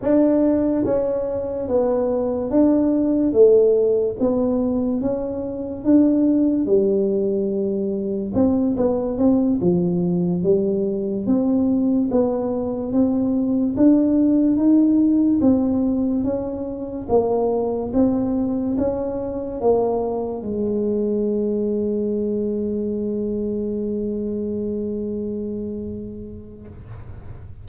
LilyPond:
\new Staff \with { instrumentName = "tuba" } { \time 4/4 \tempo 4 = 72 d'4 cis'4 b4 d'4 | a4 b4 cis'4 d'4 | g2 c'8 b8 c'8 f8~ | f8 g4 c'4 b4 c'8~ |
c'8 d'4 dis'4 c'4 cis'8~ | cis'8 ais4 c'4 cis'4 ais8~ | ais8 gis2.~ gis8~ | gis1 | }